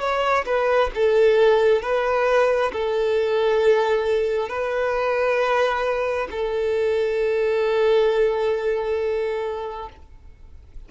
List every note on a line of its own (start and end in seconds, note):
0.00 0.45 C#5
0.45 0.90 B4
0.94 1.82 A4
1.82 2.72 B4
2.72 4.49 A4
4.49 6.28 B4
6.31 9.89 A4